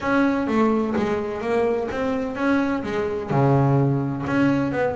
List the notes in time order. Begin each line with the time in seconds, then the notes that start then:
0.00 C#4
0.47 A3
0.96 G#3
1.41 A#3
1.91 C4
2.35 C#4
2.83 G#3
3.30 C#3
4.26 C#4
4.72 B3